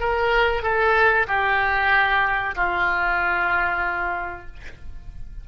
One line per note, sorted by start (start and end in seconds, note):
0.00 0.63 A#4
0.63 1.27 A4
1.28 2.55 G4
2.56 4.47 F4